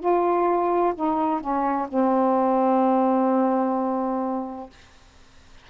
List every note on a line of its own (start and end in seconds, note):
0.00 0.94 F4
0.95 1.41 D#4
1.41 1.88 C#4
1.89 4.70 C4